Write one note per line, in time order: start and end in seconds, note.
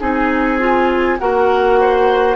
0.00 1.18 C4
0.00 0.59 D#4
0.00 1.18 G#4
0.00 1.19 G#5
0.59 1.18 F4
1.19 2.36 A#3
1.19 2.36 F#4
1.19 1.79 A#4
1.19 2.36 F#5
1.80 2.36 C5